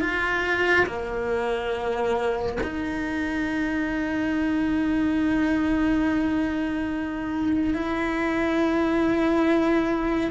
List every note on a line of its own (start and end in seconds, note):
0.00 0.86 F4
0.86 2.58 A#3
2.63 7.74 D#4
7.74 10.31 E4